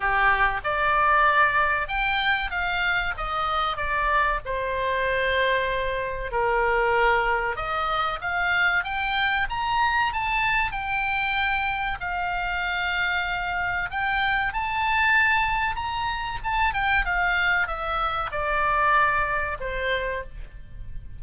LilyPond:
\new Staff \with { instrumentName = "oboe" } { \time 4/4 \tempo 4 = 95 g'4 d''2 g''4 | f''4 dis''4 d''4 c''4~ | c''2 ais'2 | dis''4 f''4 g''4 ais''4 |
a''4 g''2 f''4~ | f''2 g''4 a''4~ | a''4 ais''4 a''8 g''8 f''4 | e''4 d''2 c''4 | }